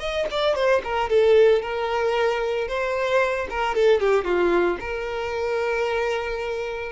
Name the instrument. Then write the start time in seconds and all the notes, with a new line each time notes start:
violin
0.00 D#5
0.31 D5
0.56 C5
0.84 A#4
1.10 A4
1.62 A#4
2.68 C5
3.50 A#4
3.75 A4
4.01 G4
4.25 F4
4.81 A#4